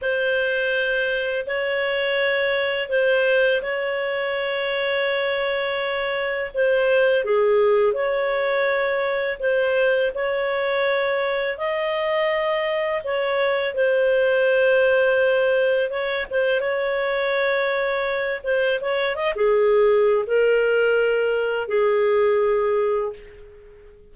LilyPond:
\new Staff \with { instrumentName = "clarinet" } { \time 4/4 \tempo 4 = 83 c''2 cis''2 | c''4 cis''2.~ | cis''4 c''4 gis'4 cis''4~ | cis''4 c''4 cis''2 |
dis''2 cis''4 c''4~ | c''2 cis''8 c''8 cis''4~ | cis''4. c''8 cis''8 dis''16 gis'4~ gis'16 | ais'2 gis'2 | }